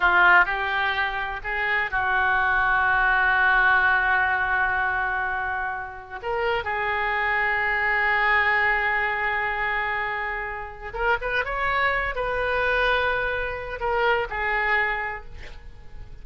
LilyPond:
\new Staff \with { instrumentName = "oboe" } { \time 4/4 \tempo 4 = 126 f'4 g'2 gis'4 | fis'1~ | fis'1~ | fis'4 ais'4 gis'2~ |
gis'1~ | gis'2. ais'8 b'8 | cis''4. b'2~ b'8~ | b'4 ais'4 gis'2 | }